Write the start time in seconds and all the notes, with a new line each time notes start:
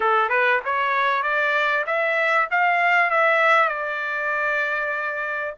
0.00 A4
0.29 B4
0.65 C#5
1.22 D5
1.86 E5
2.50 F5
3.10 E5
3.68 D5